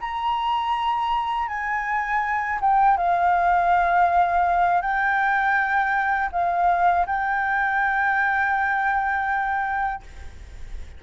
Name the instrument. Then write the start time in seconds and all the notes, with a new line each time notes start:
flute
0.00 A#5
1.47 G#5
2.60 G5
2.97 F5
4.81 G5
6.32 F5
7.06 G5